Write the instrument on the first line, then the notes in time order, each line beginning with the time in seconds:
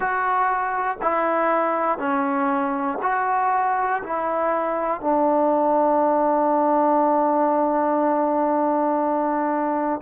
trombone
0.00 F#4
1.01 E4
1.98 C#4
3.02 F#4
4.03 E4
5.00 D4